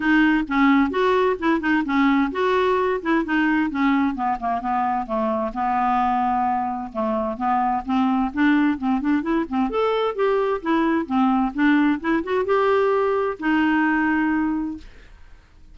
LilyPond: \new Staff \with { instrumentName = "clarinet" } { \time 4/4 \tempo 4 = 130 dis'4 cis'4 fis'4 e'8 dis'8 | cis'4 fis'4. e'8 dis'4 | cis'4 b8 ais8 b4 a4 | b2. a4 |
b4 c'4 d'4 c'8 d'8 | e'8 c'8 a'4 g'4 e'4 | c'4 d'4 e'8 fis'8 g'4~ | g'4 dis'2. | }